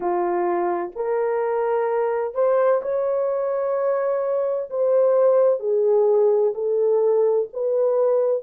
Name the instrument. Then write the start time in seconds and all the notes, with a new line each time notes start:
horn
0.00 F4
0.95 A#4
2.34 C5
2.82 C#5
4.70 C5
5.60 G#4
6.54 A4
7.53 B4